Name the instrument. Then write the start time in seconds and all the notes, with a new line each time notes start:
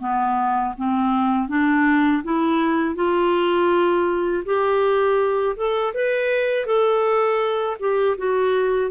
clarinet
0.00 B3
0.77 C4
1.48 D4
2.23 E4
2.95 F4
4.45 G4
5.56 A4
5.94 B4
6.66 A4
7.79 G4
8.18 F#4